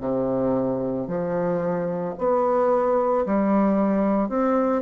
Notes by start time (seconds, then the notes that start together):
0.00 C3
1.07 F3
2.18 B3
3.25 G3
4.29 C4